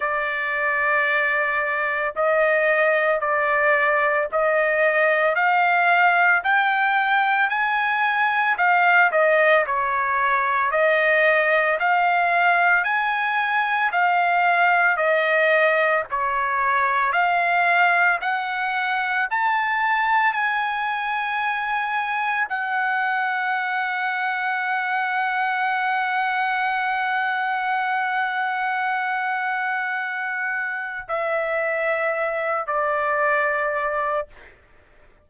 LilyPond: \new Staff \with { instrumentName = "trumpet" } { \time 4/4 \tempo 4 = 56 d''2 dis''4 d''4 | dis''4 f''4 g''4 gis''4 | f''8 dis''8 cis''4 dis''4 f''4 | gis''4 f''4 dis''4 cis''4 |
f''4 fis''4 a''4 gis''4~ | gis''4 fis''2.~ | fis''1~ | fis''4 e''4. d''4. | }